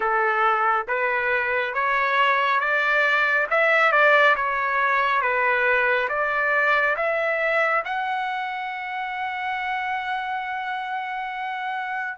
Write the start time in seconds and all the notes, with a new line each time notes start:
0.00 A4
0.87 B4
1.74 C#5
2.60 D5
3.50 E5
3.91 D5
4.36 C#5
5.21 B4
6.09 D5
6.96 E5
7.85 F#5